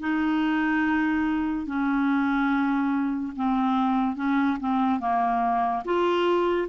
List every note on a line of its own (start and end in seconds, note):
0.00 1.67 D#4
1.67 3.33 C#4
3.36 4.16 C4
4.16 4.58 C#4
4.60 5.00 C4
5.00 5.83 A#3
5.85 6.68 F4